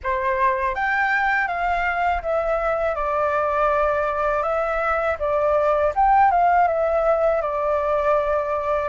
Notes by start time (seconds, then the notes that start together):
0.03 C5
0.74 G5
1.47 F5
2.22 E5
2.95 D5
4.42 E5
5.19 D5
5.95 G5
6.31 F5
6.67 E5
7.41 D5